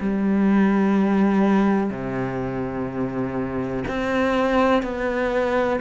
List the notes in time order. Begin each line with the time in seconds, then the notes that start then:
0.00 G3
1.90 C3
3.88 C4
4.83 B3